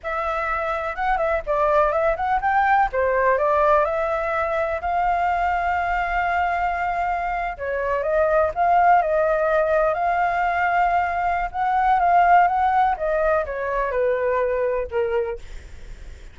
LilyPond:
\new Staff \with { instrumentName = "flute" } { \time 4/4 \tempo 4 = 125 e''2 fis''8 e''8 d''4 | e''8 fis''8 g''4 c''4 d''4 | e''2 f''2~ | f''2.~ f''8. cis''16~ |
cis''8. dis''4 f''4 dis''4~ dis''16~ | dis''8. f''2.~ f''16 | fis''4 f''4 fis''4 dis''4 | cis''4 b'2 ais'4 | }